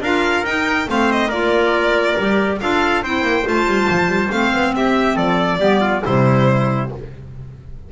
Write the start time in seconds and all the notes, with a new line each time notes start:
0.00 D4 F4 A#4 F5
0.44 D#4 G5
0.87 A3 C4 C5 F5
1.12 D#5
1.28 A#3 F4 A#4 D5
2.18 G3 G4
2.60 D4 F4 A4 F5
3.02 C4 E4 C5 G5
3.22 A#3
3.43 A3 F4 A5
3.66 G3
3.90 F3
4.07 G3
4.31 A3 C4 F5
4.53 B3
4.74 C4 G4 E5
5.15 F3 A4 D5
5.59 G3 B3 G4
5.80 F4
6.04 C3 G3 E4 C5